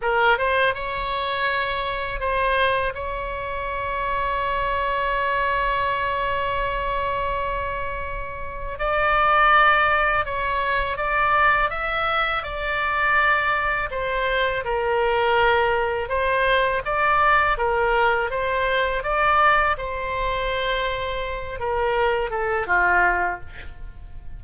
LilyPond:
\new Staff \with { instrumentName = "oboe" } { \time 4/4 \tempo 4 = 82 ais'8 c''8 cis''2 c''4 | cis''1~ | cis''1 | d''2 cis''4 d''4 |
e''4 d''2 c''4 | ais'2 c''4 d''4 | ais'4 c''4 d''4 c''4~ | c''4. ais'4 a'8 f'4 | }